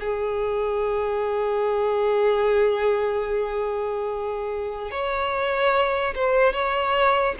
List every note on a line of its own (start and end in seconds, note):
0.00 4.91 G#4
4.91 6.14 C#5
6.15 6.53 C5
6.53 7.35 C#5